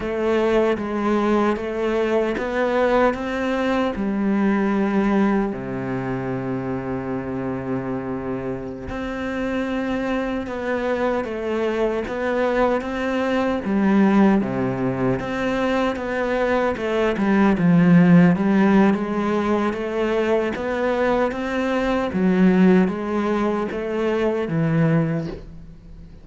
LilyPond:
\new Staff \with { instrumentName = "cello" } { \time 4/4 \tempo 4 = 76 a4 gis4 a4 b4 | c'4 g2 c4~ | c2.~ c16 c'8.~ | c'4~ c'16 b4 a4 b8.~ |
b16 c'4 g4 c4 c'8.~ | c'16 b4 a8 g8 f4 g8. | gis4 a4 b4 c'4 | fis4 gis4 a4 e4 | }